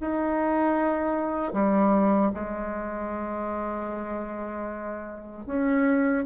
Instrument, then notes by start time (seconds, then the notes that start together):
bassoon
0.00 D#4
1.53 G3
2.34 G#3
5.45 C#4